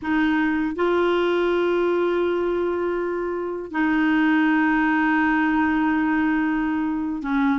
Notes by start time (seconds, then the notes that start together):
0.02 D#4
0.75 F4
3.71 D#4
7.22 C#4